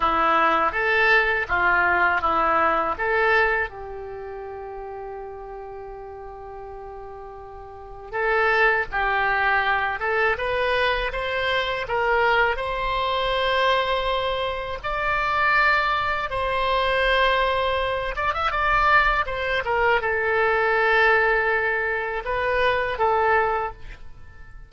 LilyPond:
\new Staff \with { instrumentName = "oboe" } { \time 4/4 \tempo 4 = 81 e'4 a'4 f'4 e'4 | a'4 g'2.~ | g'2. a'4 | g'4. a'8 b'4 c''4 |
ais'4 c''2. | d''2 c''2~ | c''8 d''16 e''16 d''4 c''8 ais'8 a'4~ | a'2 b'4 a'4 | }